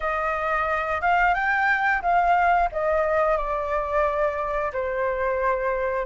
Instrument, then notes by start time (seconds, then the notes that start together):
flute
0.00 D#5
1.01 F5
1.34 G5
2.02 F5
2.72 D#5
3.37 D5
4.73 C5